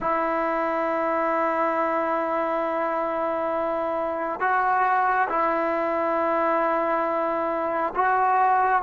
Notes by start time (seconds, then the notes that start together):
0.00 E4
4.40 F#4
5.29 E4
7.95 F#4